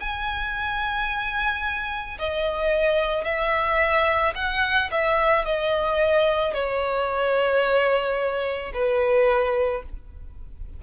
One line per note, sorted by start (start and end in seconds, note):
0.00 2.18 G#5
2.19 3.24 D#5
3.24 4.33 E5
4.35 4.90 F#5
4.91 5.45 E5
5.45 6.54 D#5
6.54 8.72 C#5
8.74 9.83 B4